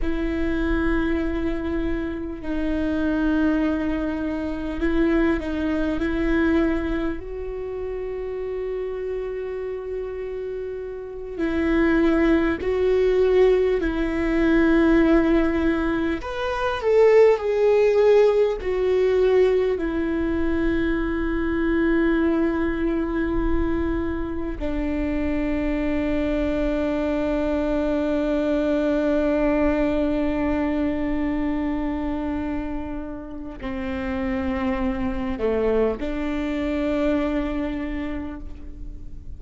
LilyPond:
\new Staff \with { instrumentName = "viola" } { \time 4/4 \tempo 4 = 50 e'2 dis'2 | e'8 dis'8 e'4 fis'2~ | fis'4. e'4 fis'4 e'8~ | e'4. b'8 a'8 gis'4 fis'8~ |
fis'8 e'2.~ e'8~ | e'8 d'2.~ d'8~ | d'1 | c'4. a8 d'2 | }